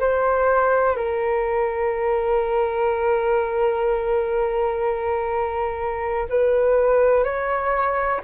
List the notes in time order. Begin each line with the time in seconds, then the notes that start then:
0.00 C5
0.96 A#4
6.29 B4
7.24 C#5